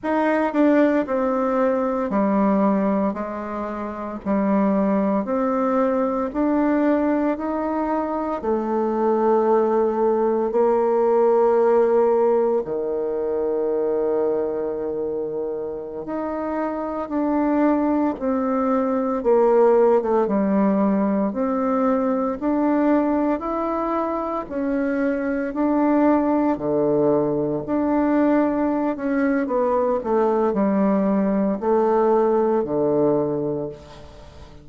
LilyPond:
\new Staff \with { instrumentName = "bassoon" } { \time 4/4 \tempo 4 = 57 dis'8 d'8 c'4 g4 gis4 | g4 c'4 d'4 dis'4 | a2 ais2 | dis2.~ dis16 dis'8.~ |
dis'16 d'4 c'4 ais8. a16 g8.~ | g16 c'4 d'4 e'4 cis'8.~ | cis'16 d'4 d4 d'4~ d'16 cis'8 | b8 a8 g4 a4 d4 | }